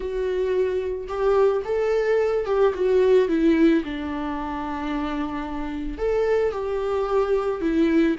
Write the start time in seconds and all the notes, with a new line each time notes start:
0.00 F#4
1.08 G4
1.65 A4
2.45 G4
2.74 F#4
3.28 E4
3.83 D4
5.98 A4
6.52 G4
7.61 E4